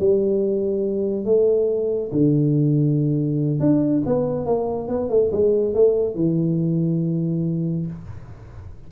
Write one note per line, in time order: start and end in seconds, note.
0.00 1.26 G3
1.26 2.11 A3
2.12 3.60 D3
3.60 4.03 D4
4.07 4.46 B3
4.46 4.89 A#3
4.89 5.10 B3
5.10 5.32 A3
5.32 5.74 G#3
5.74 6.16 A3
6.16 7.87 E3